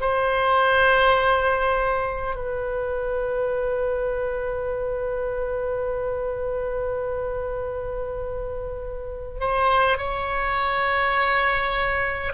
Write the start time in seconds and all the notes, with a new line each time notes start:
0.00 C5
2.35 B4
9.40 C5
9.97 C#5